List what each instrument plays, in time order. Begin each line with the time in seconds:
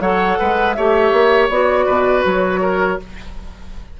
0.00 bassoon F#3, clarinet A4, oboe C#5, flute F#5
0.39 bassoon G#3, oboe B4
0.73 bassoon A3, clarinet G4, oboe C#5, flute E5
1.12 bassoon A#3
1.49 bassoon B3, clarinet F#4, flute D5
1.85 bassoon B2, oboe B4
2.25 bassoon F#3, flute C#5
2.62 oboe A#4